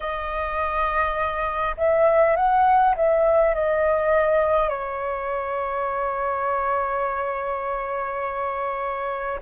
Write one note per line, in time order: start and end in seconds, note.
0.00 1.75 D#5
1.77 2.36 E5
2.36 2.95 F#5
2.96 3.54 E5
3.54 4.68 D#5
4.68 9.39 C#5